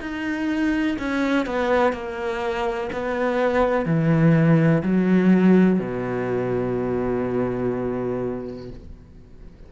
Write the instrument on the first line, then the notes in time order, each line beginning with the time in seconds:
cello
0.00 D#4
0.99 C#4
1.46 B3
1.93 A#3
2.93 B3
3.85 E3
4.83 F#3
5.79 B2